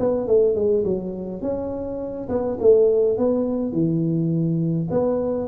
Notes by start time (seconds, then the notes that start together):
0.00 B3
0.28 A3
0.56 G#3
0.85 F#3
1.42 C#4
2.29 B3
2.60 A3
3.18 B3
3.73 E3
4.91 B3